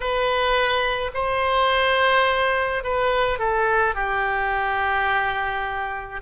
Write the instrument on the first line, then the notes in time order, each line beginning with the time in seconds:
oboe
0.00 B4
1.13 C5
2.83 B4
3.39 A4
3.95 G4